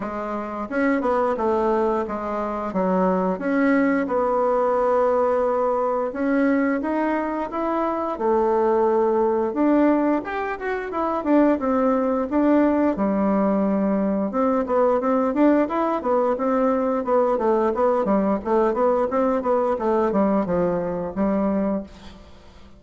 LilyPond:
\new Staff \with { instrumentName = "bassoon" } { \time 4/4 \tempo 4 = 88 gis4 cis'8 b8 a4 gis4 | fis4 cis'4 b2~ | b4 cis'4 dis'4 e'4 | a2 d'4 g'8 fis'8 |
e'8 d'8 c'4 d'4 g4~ | g4 c'8 b8 c'8 d'8 e'8 b8 | c'4 b8 a8 b8 g8 a8 b8 | c'8 b8 a8 g8 f4 g4 | }